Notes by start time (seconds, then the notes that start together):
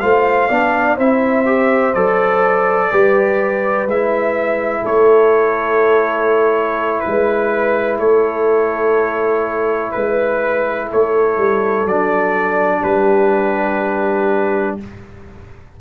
0.00 A3 F4 C5 F5
0.49 B3 D4 D5
0.97 C4 E4 C5 E5
1.46 G4
1.94 F#3 A4 D5
2.91 G3 G4 B4
3.86 G#3 E4 E5
4.81 A3 A4 C#5
7.00 B4
7.07 G#3
7.99 A3 A4 C#5
9.92 G#3 B4
10.90 A3 A4 C#5
11.37 G3
11.85 F#3 D4 D5
12.80 G3 G4 B4